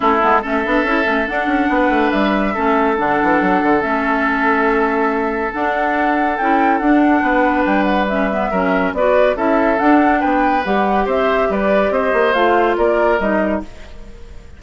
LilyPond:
<<
  \new Staff \with { instrumentName = "flute" } { \time 4/4 \tempo 4 = 141 a'4 e''2 fis''4~ | fis''4 e''2 fis''4~ | fis''4 e''2.~ | e''4 fis''2 g''4 |
fis''2 g''8 fis''8 e''4~ | e''4 d''4 e''4 fis''4 | g''4 fis''4 e''4 d''4 | dis''4 f''4 d''4 dis''4 | }
  \new Staff \with { instrumentName = "oboe" } { \time 4/4 e'4 a'2. | b'2 a'2~ | a'1~ | a'1~ |
a'4 b'2. | ais'4 b'4 a'2 | b'2 c''4 b'4 | c''2 ais'2 | }
  \new Staff \with { instrumentName = "clarinet" } { \time 4/4 cis'8 b8 cis'8 d'8 e'8 cis'8 d'4~ | d'2 cis'4 d'4~ | d'4 cis'2.~ | cis'4 d'2 e'4 |
d'2. cis'8 b8 | cis'4 fis'4 e'4 d'4~ | d'4 g'2.~ | g'4 f'2 dis'4 | }
  \new Staff \with { instrumentName = "bassoon" } { \time 4/4 a8 gis8 a8 b8 cis'8 a8 d'8 cis'8 | b8 a8 g4 a4 d8 e8 | fis8 d8 a2.~ | a4 d'2 cis'4 |
d'4 b4 g2 | fis4 b4 cis'4 d'4 | b4 g4 c'4 g4 | c'8 ais8 a4 ais4 g4 | }
>>